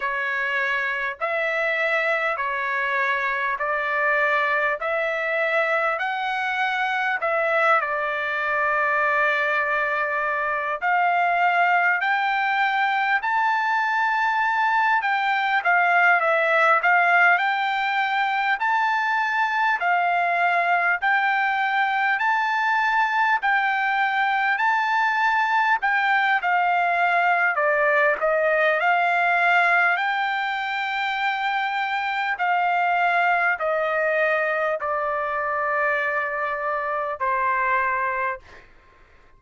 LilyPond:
\new Staff \with { instrumentName = "trumpet" } { \time 4/4 \tempo 4 = 50 cis''4 e''4 cis''4 d''4 | e''4 fis''4 e''8 d''4.~ | d''4 f''4 g''4 a''4~ | a''8 g''8 f''8 e''8 f''8 g''4 a''8~ |
a''8 f''4 g''4 a''4 g''8~ | g''8 a''4 g''8 f''4 d''8 dis''8 | f''4 g''2 f''4 | dis''4 d''2 c''4 | }